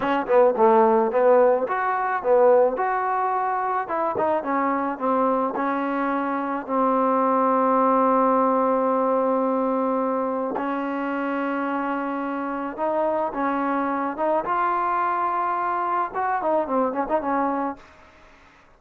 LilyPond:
\new Staff \with { instrumentName = "trombone" } { \time 4/4 \tempo 4 = 108 cis'8 b8 a4 b4 fis'4 | b4 fis'2 e'8 dis'8 | cis'4 c'4 cis'2 | c'1~ |
c'2. cis'4~ | cis'2. dis'4 | cis'4. dis'8 f'2~ | f'4 fis'8 dis'8 c'8 cis'16 dis'16 cis'4 | }